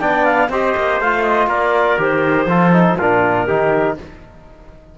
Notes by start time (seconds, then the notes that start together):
0.00 B3 D4 D5 G5
0.25 F5
0.49 C4 G4 C5 D#5
0.77 A#3
1.00 A3 F4 F5
1.23 D#5
1.47 A#3 A#4 D5
1.98 D#3 G4 C5
2.46 F3 F4 A4
2.73 D#4
2.99 A#2 D4 F4 A#4
3.48 D#3 D#4 G4